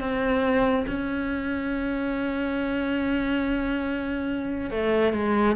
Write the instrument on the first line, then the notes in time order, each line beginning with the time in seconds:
cello
0.00 C4
0.87 C#4
4.71 A3
5.13 G#3